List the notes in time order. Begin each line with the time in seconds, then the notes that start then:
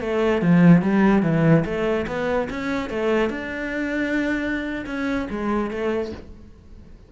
0.00 A3
0.42 F3
0.81 G3
1.22 E3
1.65 A3
2.07 B3
2.50 C#4
2.89 A3
3.30 D4
4.86 C#4
5.30 G#3
5.70 A3